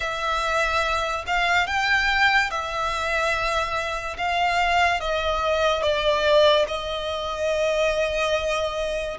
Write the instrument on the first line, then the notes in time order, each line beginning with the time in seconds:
violin
0.00 E5
1.26 F5
1.67 G5
2.50 E5
4.17 F5
5.00 D#5
5.82 D5
6.67 D#5